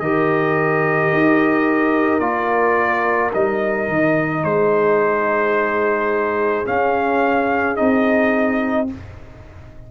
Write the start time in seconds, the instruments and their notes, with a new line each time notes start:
0.00 tuba D#3, trombone G4, horn A#4, trumpet D#5
1.13 tuba D#4
2.20 tuba A#3, trombone F4, trumpet D5
3.34 tuba G3, trombone D#4, trumpet D#5
3.89 tuba D#3
4.44 tuba G#3, horn G#4, trumpet C5
6.65 trombone C#4, tuba C#4, trumpet F5
7.76 tuba C4, trombone D#4, trumpet D#5